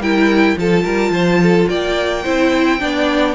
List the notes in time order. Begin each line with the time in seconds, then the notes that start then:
0.00 G3 E4 A#4 G5
0.57 F3 F4 A4 A5
0.84 G3 A#4
1.10 F3 C5
1.43 A4
1.69 A#3 D5 G5
2.24 C4 E4 C5
2.80 B3 D4 D5